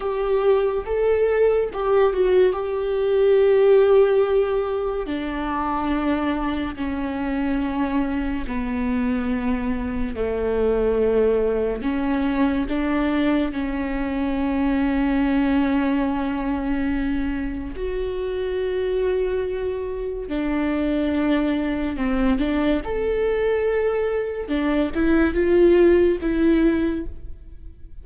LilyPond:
\new Staff \with { instrumentName = "viola" } { \time 4/4 \tempo 4 = 71 g'4 a'4 g'8 fis'8 g'4~ | g'2 d'2 | cis'2 b2 | a2 cis'4 d'4 |
cis'1~ | cis'4 fis'2. | d'2 c'8 d'8 a'4~ | a'4 d'8 e'8 f'4 e'4 | }